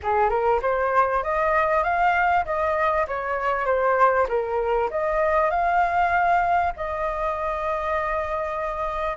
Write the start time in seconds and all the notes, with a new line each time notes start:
0.02 G#4
0.29 A#4
0.62 C5
1.23 D#5
1.83 F5
2.45 D#5
3.07 C#5
3.65 C5
4.28 A#4
4.90 D#5
5.50 F5
6.76 D#5